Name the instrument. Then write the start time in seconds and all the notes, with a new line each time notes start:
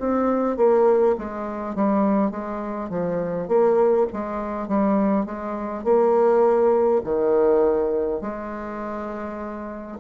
bassoon
0.00 C4
0.57 A#3
1.19 G#3
1.75 G3
2.31 G#3
2.90 F3
3.48 A#3
4.13 G#3
4.68 G3
5.26 G#3
5.84 A#3
7.04 D#3
8.21 G#3